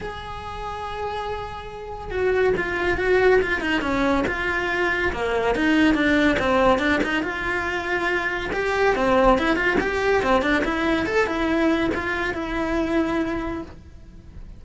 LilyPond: \new Staff \with { instrumentName = "cello" } { \time 4/4 \tempo 4 = 141 gis'1~ | gis'4 fis'4 f'4 fis'4 | f'8 dis'8 cis'4 f'2 | ais4 dis'4 d'4 c'4 |
d'8 dis'8 f'2. | g'4 c'4 e'8 f'8 g'4 | c'8 d'8 e'4 a'8 e'4. | f'4 e'2. | }